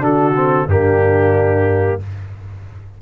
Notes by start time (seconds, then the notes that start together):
0.00 D3 D4 F#4 A4
0.36 C4
0.67 G2 A#3 D4 G4